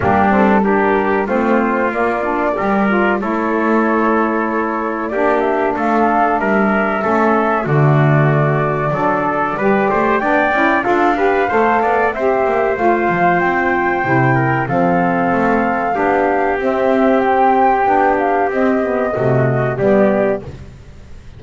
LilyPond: <<
  \new Staff \with { instrumentName = "flute" } { \time 4/4 \tempo 4 = 94 g'8 a'8 ais'4 c''4 d''4~ | d''4 cis''2. | d''8 e''8 f''4 e''2 | d''1 |
g''4 f''2 e''4 | f''4 g''2 f''4~ | f''2 e''4 g''4~ | g''8 f''8 dis''2 d''4 | }
  \new Staff \with { instrumentName = "trumpet" } { \time 4/4 d'4 g'4 f'2 | ais'4 a'2. | g'4 a'4 ais'4 a'4 | fis'2 a'4 b'8 c''8 |
d''4 a'8 b'8 c''8 d''8 c''4~ | c''2~ c''8 ais'8 a'4~ | a'4 g'2.~ | g'2 fis'4 g'4 | }
  \new Staff \with { instrumentName = "saxophone" } { \time 4/4 ais8 c'8 d'4 c'4 ais8 d'8 | g'8 f'8 e'2. | d'2. cis'4 | a2 d'4 g'4 |
d'8 e'8 f'8 g'8 a'4 g'4 | f'2 e'4 c'4~ | c'4 d'4 c'2 | d'4 c'8 b8 a4 b4 | }
  \new Staff \with { instrumentName = "double bass" } { \time 4/4 g2 a4 ais4 | g4 a2. | ais4 a4 g4 a4 | d2 fis4 g8 a8 |
b8 cis'8 d'4 a8 b8 c'8 ais8 | a8 f8 c'4 c4 f4 | a4 b4 c'2 | b4 c'4 c4 g4 | }
>>